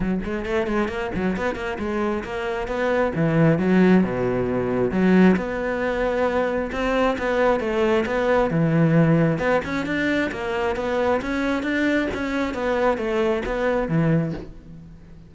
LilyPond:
\new Staff \with { instrumentName = "cello" } { \time 4/4 \tempo 4 = 134 fis8 gis8 a8 gis8 ais8 fis8 b8 ais8 | gis4 ais4 b4 e4 | fis4 b,2 fis4 | b2. c'4 |
b4 a4 b4 e4~ | e4 b8 cis'8 d'4 ais4 | b4 cis'4 d'4 cis'4 | b4 a4 b4 e4 | }